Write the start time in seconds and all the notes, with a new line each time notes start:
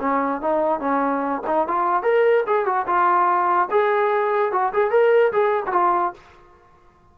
0.00 C#4
0.41 D#4
0.80 C#4
1.47 D#4
1.68 F4
2.03 A#4
2.47 G#4
2.66 F#4
2.87 F4
3.71 G#4
4.52 F#4
4.73 G#4
4.91 A#4
5.33 G#4
5.67 F4 F#4